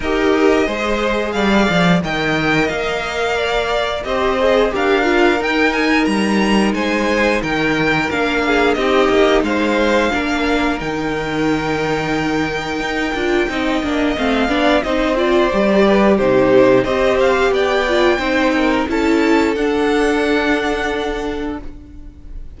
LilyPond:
<<
  \new Staff \with { instrumentName = "violin" } { \time 4/4 \tempo 4 = 89 dis''2 f''4 g''4 | f''2 dis''4 f''4 | g''8 gis''8 ais''4 gis''4 g''4 | f''4 dis''4 f''2 |
g''1~ | g''4 f''4 dis''8 d''4. | c''4 dis''8 f''8 g''2 | a''4 fis''2. | }
  \new Staff \with { instrumentName = "violin" } { \time 4/4 ais'4 c''4 d''4 dis''4~ | dis''4 d''4 c''4 ais'4~ | ais'2 c''4 ais'4~ | ais'8 gis'8 g'4 c''4 ais'4~ |
ais'1 | dis''4. d''8 c''4. b'8 | g'4 c''4 d''4 c''8 ais'8 | a'1 | }
  \new Staff \with { instrumentName = "viola" } { \time 4/4 g'4 gis'2 ais'4~ | ais'2 g'8 gis'8 g'8 f'8 | dis'1 | d'4 dis'2 d'4 |
dis'2.~ dis'8 f'8 | dis'8 d'8 c'8 d'8 dis'8 f'8 g'4 | dis'4 g'4. f'8 dis'4 | e'4 d'2. | }
  \new Staff \with { instrumentName = "cello" } { \time 4/4 dis'4 gis4 g8 f8 dis4 | ais2 c'4 d'4 | dis'4 g4 gis4 dis4 | ais4 c'8 ais8 gis4 ais4 |
dis2. dis'8 d'8 | c'8 ais8 a8 b8 c'4 g4 | c4 c'4 b4 c'4 | cis'4 d'2. | }
>>